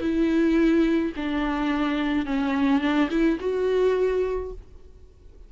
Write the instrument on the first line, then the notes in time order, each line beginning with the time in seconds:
viola
0.00 E4
1.16 D4
2.26 C#4
2.81 D4
3.10 E4
3.40 F#4